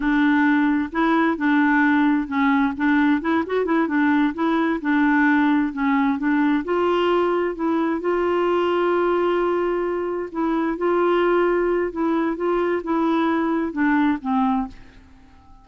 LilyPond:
\new Staff \with { instrumentName = "clarinet" } { \time 4/4 \tempo 4 = 131 d'2 e'4 d'4~ | d'4 cis'4 d'4 e'8 fis'8 | e'8 d'4 e'4 d'4.~ | d'8 cis'4 d'4 f'4.~ |
f'8 e'4 f'2~ f'8~ | f'2~ f'8 e'4 f'8~ | f'2 e'4 f'4 | e'2 d'4 c'4 | }